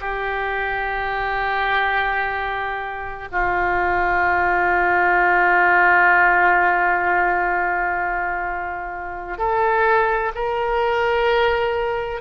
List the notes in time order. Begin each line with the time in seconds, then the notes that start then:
0.00 G4
3.31 F4
9.38 A4
10.35 A#4